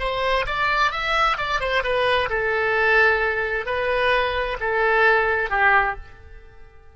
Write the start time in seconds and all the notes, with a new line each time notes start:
0.00 C5
0.47 D5
0.92 E5
1.38 D5
1.61 C5
1.84 B4
2.30 A4
3.66 B4
4.60 A4
5.50 G4